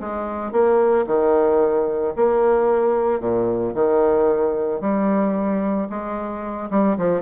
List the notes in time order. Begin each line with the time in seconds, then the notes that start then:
0.00 G#3
0.52 A#3
1.07 D#3
2.16 A#3
3.20 A#2
3.75 D#3
4.81 G3
5.90 G#3
6.71 G3
6.98 F3